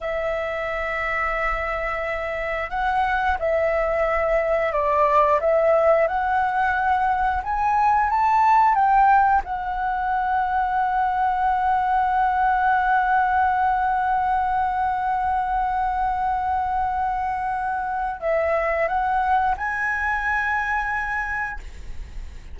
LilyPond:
\new Staff \with { instrumentName = "flute" } { \time 4/4 \tempo 4 = 89 e''1 | fis''4 e''2 d''4 | e''4 fis''2 gis''4 | a''4 g''4 fis''2~ |
fis''1~ | fis''1~ | fis''2. e''4 | fis''4 gis''2. | }